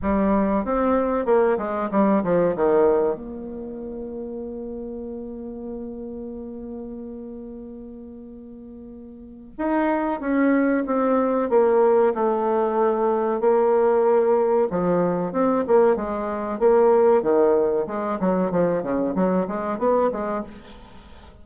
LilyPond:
\new Staff \with { instrumentName = "bassoon" } { \time 4/4 \tempo 4 = 94 g4 c'4 ais8 gis8 g8 f8 | dis4 ais2.~ | ais1~ | ais2. dis'4 |
cis'4 c'4 ais4 a4~ | a4 ais2 f4 | c'8 ais8 gis4 ais4 dis4 | gis8 fis8 f8 cis8 fis8 gis8 b8 gis8 | }